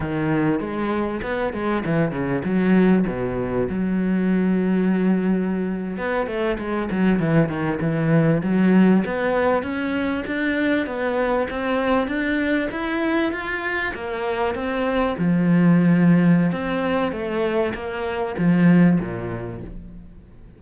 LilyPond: \new Staff \with { instrumentName = "cello" } { \time 4/4 \tempo 4 = 98 dis4 gis4 b8 gis8 e8 cis8 | fis4 b,4 fis2~ | fis4.~ fis16 b8 a8 gis8 fis8 e16~ | e16 dis8 e4 fis4 b4 cis'16~ |
cis'8. d'4 b4 c'4 d'16~ | d'8. e'4 f'4 ais4 c'16~ | c'8. f2~ f16 c'4 | a4 ais4 f4 ais,4 | }